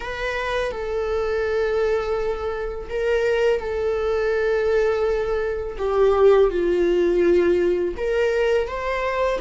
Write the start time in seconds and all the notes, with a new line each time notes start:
0.00 B4
0.71 A4
2.89 A#4
3.60 A4
5.78 G4
6.50 F4
7.96 A#4
8.67 C5